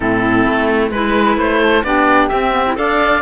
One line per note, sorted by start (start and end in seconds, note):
0.00 0.46 A2
0.00 0.92 C4
0.00 0.91 E4
0.00 0.91 A4
0.46 0.90 A3
0.90 1.37 G#3
0.90 1.84 E4
0.90 1.37 B4
0.90 1.60 B4
1.37 1.83 A3
1.37 1.83 C5
1.61 1.84 A4
1.83 2.30 B3
1.83 2.30 D4
1.83 2.78 G4
1.83 2.28 D5
2.28 2.52 C4
2.28 2.77 C4
2.28 2.74 E5
2.52 2.64 B3
2.66 2.75 E4
2.75 3.22 D4
2.75 3.21 A4
2.75 3.22 D5
2.75 3.22 F5